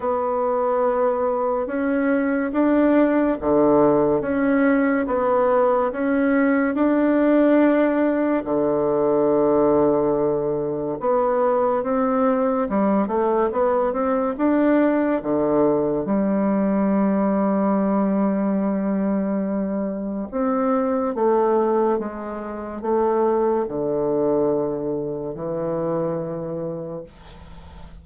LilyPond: \new Staff \with { instrumentName = "bassoon" } { \time 4/4 \tempo 4 = 71 b2 cis'4 d'4 | d4 cis'4 b4 cis'4 | d'2 d2~ | d4 b4 c'4 g8 a8 |
b8 c'8 d'4 d4 g4~ | g1 | c'4 a4 gis4 a4 | d2 e2 | }